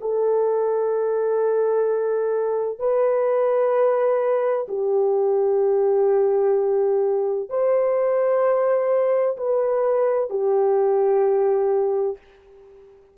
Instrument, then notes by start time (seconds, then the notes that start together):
horn
0.00 A4
2.79 B4
4.68 G4
7.49 C5
9.37 B4
10.30 G4